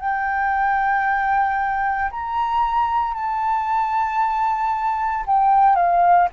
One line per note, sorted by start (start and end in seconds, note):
0.00 2.11 G5
2.11 3.14 A#5
3.14 5.25 A5
5.27 5.76 G5
5.76 6.29 F5